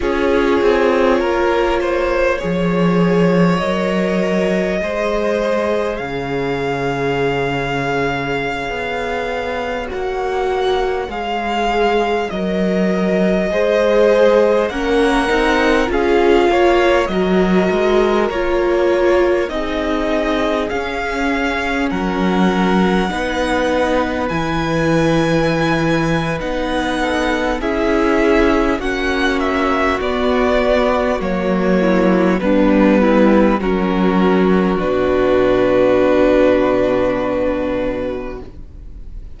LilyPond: <<
  \new Staff \with { instrumentName = "violin" } { \time 4/4 \tempo 4 = 50 cis''2. dis''4~ | dis''4 f''2.~ | f''16 fis''4 f''4 dis''4.~ dis''16~ | dis''16 fis''4 f''4 dis''4 cis''8.~ |
cis''16 dis''4 f''4 fis''4.~ fis''16~ | fis''16 gis''4.~ gis''16 fis''4 e''4 | fis''8 e''8 d''4 cis''4 b'4 | ais'4 b'2. | }
  \new Staff \with { instrumentName = "violin" } { \time 4/4 gis'4 ais'8 c''8 cis''2 | c''4 cis''2.~ | cis''2.~ cis''16 c''8.~ | c''16 ais'4 gis'8 cis''8 ais'4.~ ais'16~ |
ais'16 gis'2 ais'4 b'8.~ | b'2~ b'8 a'8 gis'4 | fis'2~ fis'8 e'8 d'8 e'8 | fis'1 | }
  \new Staff \with { instrumentName = "viola" } { \time 4/4 f'2 gis'4 ais'4 | gis'1~ | gis'16 fis'4 gis'4 ais'4 gis'8.~ | gis'16 cis'8 dis'8 f'4 fis'4 f'8.~ |
f'16 dis'4 cis'2 dis'8.~ | dis'16 e'4.~ e'16 dis'4 e'4 | cis'4 b4 ais4 b4 | cis'4 d'2. | }
  \new Staff \with { instrumentName = "cello" } { \time 4/4 cis'8 c'8 ais4 f4 fis4 | gis4 cis2~ cis16 b8.~ | b16 ais4 gis4 fis4 gis8.~ | gis16 ais8 c'8 cis'8 ais8 fis8 gis8 ais8.~ |
ais16 c'4 cis'4 fis4 b8.~ | b16 e4.~ e16 b4 cis'4 | ais4 b4 fis4 g4 | fis4 b,2. | }
>>